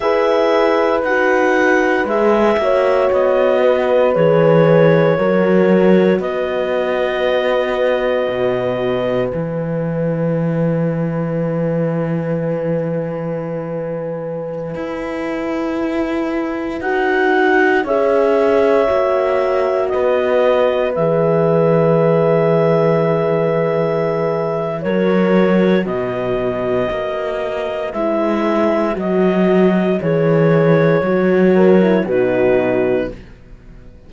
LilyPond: <<
  \new Staff \with { instrumentName = "clarinet" } { \time 4/4 \tempo 4 = 58 e''4 fis''4 e''4 dis''4 | cis''2 dis''2~ | dis''4 gis''2.~ | gis''1~ |
gis''16 fis''4 e''2 dis''8.~ | dis''16 e''2.~ e''8. | cis''4 dis''2 e''4 | dis''4 cis''2 b'4 | }
  \new Staff \with { instrumentName = "horn" } { \time 4/4 b'2~ b'8 cis''4 b'8~ | b'4 ais'4 b'2~ | b'1~ | b'1~ |
b'4~ b'16 cis''2 b'8.~ | b'1 | ais'4 b'2.~ | b'2~ b'8 ais'8 fis'4 | }
  \new Staff \with { instrumentName = "horn" } { \time 4/4 gis'4 fis'4 gis'8 fis'4. | gis'4 fis'2.~ | fis'4 e'2.~ | e'1~ |
e'16 fis'4 gis'4 fis'4.~ fis'16~ | fis'16 gis'2.~ gis'8. | fis'2. e'4 | fis'4 gis'4 fis'8. e'16 dis'4 | }
  \new Staff \with { instrumentName = "cello" } { \time 4/4 e'4 dis'4 gis8 ais8 b4 | e4 fis4 b2 | b,4 e2.~ | e2~ e16 e'4.~ e'16~ |
e'16 dis'4 cis'4 ais4 b8.~ | b16 e2.~ e8. | fis4 b,4 ais4 gis4 | fis4 e4 fis4 b,4 | }
>>